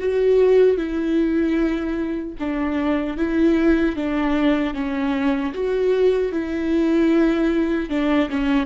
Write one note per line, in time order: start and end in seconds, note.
0.00 0.78 F#4
0.78 2.35 E4
2.40 3.18 D4
3.18 3.97 E4
3.97 4.75 D4
4.75 5.54 C#4
5.54 6.33 F#4
6.33 7.90 E4
7.90 8.30 D4
8.30 8.67 C#4